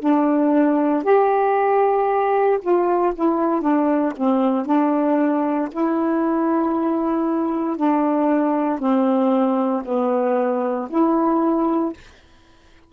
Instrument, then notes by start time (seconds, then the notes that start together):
saxophone
0.00 D4
1.03 G4
2.61 F4
3.15 E4
3.61 D4
4.16 C4
4.66 D4
5.72 E4
7.77 D4
8.79 C4
9.85 B3
10.89 E4